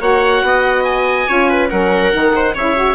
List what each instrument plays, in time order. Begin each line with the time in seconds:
0.00 bassoon A#3, saxophone F#4, viola C#5, oboe F#5
0.42 bassoon B3, viola D#5
0.84 oboe G#5
1.27 bassoon C#4, saxophone F4, viola C#5
1.49 viola B4
1.70 bassoon F#3, saxophone C#4, viola A#4, oboe F#5
2.13 bassoon D#3, saxophone D#4
2.36 viola C5
2.54 bassoon C#3, saxophone E4, viola C#5, oboe E5
2.75 saxophone F#4